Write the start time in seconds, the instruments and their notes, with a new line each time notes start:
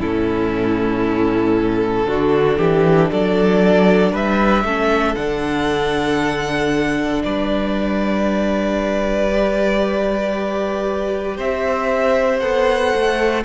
0.00 cello A2, viola C#4, violin E4 A4
2.05 cello D3, viola D4, violin F#4
2.58 cello E3, violin G4
3.11 cello F#3, violin A4 D5
4.12 cello G3, violin B4 E5
4.63 cello A3, viola C#4, violin A4
5.15 cello D3, viola D4, violin F#5
7.23 cello G3, violin B4 D5
9.31 viola G4
11.37 cello C4, violin C5 E5
12.39 cello B3, viola A4, violin F#5
12.95 cello A3